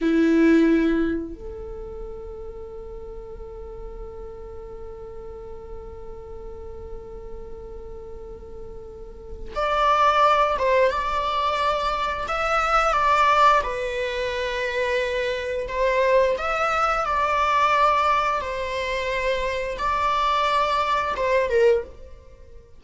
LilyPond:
\new Staff \with { instrumentName = "viola" } { \time 4/4 \tempo 4 = 88 e'2 a'2~ | a'1~ | a'1~ | a'2 d''4. c''8 |
d''2 e''4 d''4 | b'2. c''4 | e''4 d''2 c''4~ | c''4 d''2 c''8 ais'8 | }